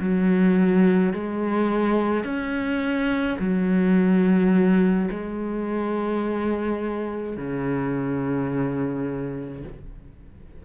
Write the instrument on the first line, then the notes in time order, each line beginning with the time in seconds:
cello
0.00 F#3
1.13 G#3
2.24 C#4
3.39 F#3
5.10 G#3
7.36 C#3